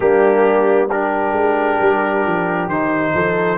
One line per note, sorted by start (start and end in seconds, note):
0.00 1.31 G3
0.00 0.89 A#3
0.00 0.88 D4
0.00 0.88 G4
0.88 2.70 D4
0.88 3.12 G4
0.88 2.69 A#4
1.31 1.76 G#3
1.81 2.25 G3
2.26 2.68 F3
2.68 3.12 D#3
2.68 3.57 D#4
2.68 3.57 C5
3.14 3.57 F3
3.14 3.57 A4